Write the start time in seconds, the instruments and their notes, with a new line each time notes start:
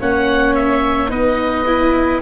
0.00 tuba A#3, viola C#4, flute C#5, oboe F#5
0.55 oboe E5
1.09 tuba B3, viola D#4, flute B4, oboe D#5
1.66 viola E4